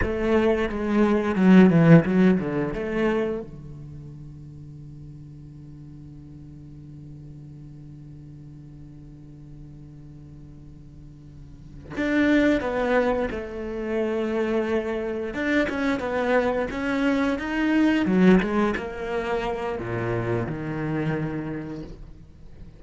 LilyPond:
\new Staff \with { instrumentName = "cello" } { \time 4/4 \tempo 4 = 88 a4 gis4 fis8 e8 fis8 d8 | a4 d2.~ | d1~ | d1~ |
d4. d'4 b4 a8~ | a2~ a8 d'8 cis'8 b8~ | b8 cis'4 dis'4 fis8 gis8 ais8~ | ais4 ais,4 dis2 | }